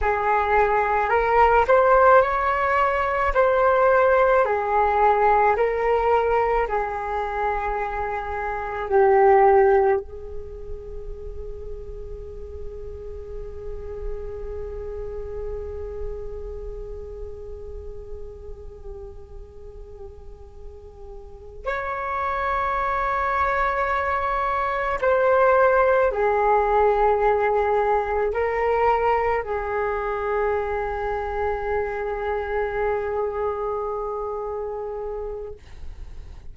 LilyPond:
\new Staff \with { instrumentName = "flute" } { \time 4/4 \tempo 4 = 54 gis'4 ais'8 c''8 cis''4 c''4 | gis'4 ais'4 gis'2 | g'4 gis'2.~ | gis'1~ |
gis'2.~ gis'8 cis''8~ | cis''2~ cis''8 c''4 gis'8~ | gis'4. ais'4 gis'4.~ | gis'1 | }